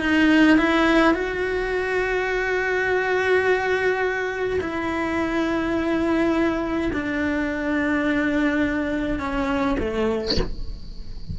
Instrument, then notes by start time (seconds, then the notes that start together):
cello
0.00 D#4
0.58 E4
1.14 F#4
4.61 E4
6.93 D4
9.19 C#4
9.79 A3